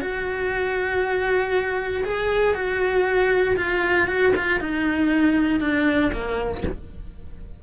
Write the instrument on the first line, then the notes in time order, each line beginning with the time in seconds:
cello
0.00 F#4
2.04 G#4
2.54 F#4
3.56 F4
4.07 F#4
4.36 F4
4.60 D#4
5.60 D4
6.12 A#3